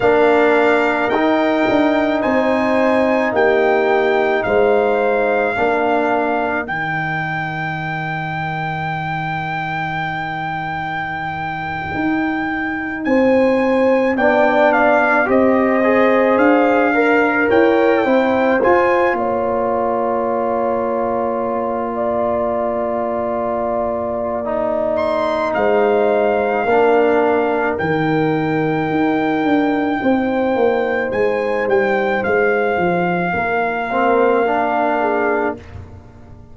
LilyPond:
<<
  \new Staff \with { instrumentName = "trumpet" } { \time 4/4 \tempo 4 = 54 f''4 g''4 gis''4 g''4 | f''2 g''2~ | g''2.~ g''8. gis''16~ | gis''8. g''8 f''8 dis''4 f''4 g''16~ |
g''8. gis''8 ais''2~ ais''8.~ | ais''2~ ais''8 c'''8 f''4~ | f''4 g''2. | gis''8 g''8 f''2. | }
  \new Staff \with { instrumentName = "horn" } { \time 4/4 ais'2 c''4 g'4 | c''4 ais'2.~ | ais'2.~ ais'8. c''16~ | c''8. d''4 c''4. ais'8 cis''16~ |
cis''16 c''4 cis''2~ cis''8 d''16~ | d''2. c''4 | ais'2. c''4~ | c''2 ais'4. gis'8 | }
  \new Staff \with { instrumentName = "trombone" } { \time 4/4 d'4 dis'2.~ | dis'4 d'4 dis'2~ | dis'1~ | dis'8. d'4 g'8 gis'4 ais'8.~ |
ais'16 e'8 f'2.~ f'16~ | f'2 dis'2 | d'4 dis'2.~ | dis'2~ dis'8 c'8 d'4 | }
  \new Staff \with { instrumentName = "tuba" } { \time 4/4 ais4 dis'8 d'8 c'4 ais4 | gis4 ais4 dis2~ | dis2~ dis8. dis'4 c'16~ | c'8. b4 c'4 d'4 e'16~ |
e'16 c'8 f'8 ais2~ ais8.~ | ais2. gis4 | ais4 dis4 dis'8 d'8 c'8 ais8 | gis8 g8 gis8 f8 ais2 | }
>>